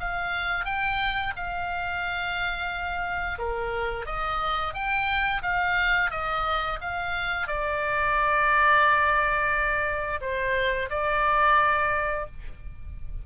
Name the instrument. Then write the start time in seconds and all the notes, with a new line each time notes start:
oboe
0.00 F5
0.65 G5
1.36 F5
3.39 A#4
4.06 D#5
4.74 G5
5.42 F5
6.11 D#5
6.81 F5
7.48 D5
10.21 C5
10.90 D5